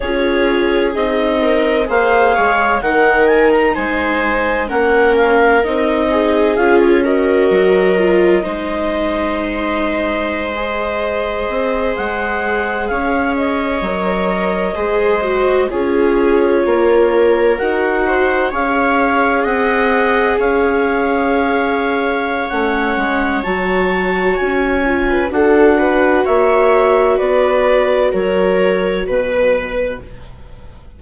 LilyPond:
<<
  \new Staff \with { instrumentName = "clarinet" } { \time 4/4 \tempo 4 = 64 cis''4 dis''4 f''4 fis''8 gis''16 ais''16 | gis''4 fis''8 f''8 dis''4 f''16 cis''16 dis''8~ | dis''1~ | dis''8. fis''4 f''8 dis''4.~ dis''16~ |
dis''8. cis''2 fis''4 f''16~ | f''8. fis''4 f''2~ f''16 | fis''4 a''4 gis''4 fis''4 | e''4 d''4 cis''4 b'4 | }
  \new Staff \with { instrumentName = "viola" } { \time 4/4 gis'4. ais'8 c''8 cis''8 ais'4 | c''4 ais'4. gis'4 ais'8~ | ais'4 c''2.~ | c''4.~ c''16 cis''2 c''16~ |
c''8. gis'4 ais'4. c''8 cis''16~ | cis''8. dis''4 cis''2~ cis''16~ | cis''2~ cis''8. b'16 a'8 b'8 | cis''4 b'4 ais'4 b'4 | }
  \new Staff \with { instrumentName = "viola" } { \time 4/4 f'4 dis'4 gis'4 dis'4~ | dis'4 cis'4 dis'4 f'8 fis'8~ | fis'8 f'8 dis'2~ dis'16 gis'8.~ | gis'2~ gis'8. ais'4 gis'16~ |
gis'16 fis'8 f'2 fis'4 gis'16~ | gis'1 | cis'4 fis'4. f'8 fis'4~ | fis'1 | }
  \new Staff \with { instrumentName = "bassoon" } { \time 4/4 cis'4 c'4 ais8 gis8 dis4 | gis4 ais4 c'4 cis'4 | fis4 gis2.~ | gis16 c'8 gis4 cis'4 fis4 gis16~ |
gis8. cis'4 ais4 dis'4 cis'16~ | cis'8. c'4 cis'2~ cis'16 | a8 gis8 fis4 cis'4 d'4 | ais4 b4 fis4 b,4 | }
>>